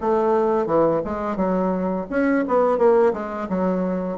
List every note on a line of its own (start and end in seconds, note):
0.00 0.66 A3
0.66 1.01 E3
1.04 1.36 G#3
1.36 2.06 F#3
2.10 2.45 C#4
2.47 2.77 B3
2.77 3.12 A#3
3.13 3.48 G#3
3.49 4.18 F#3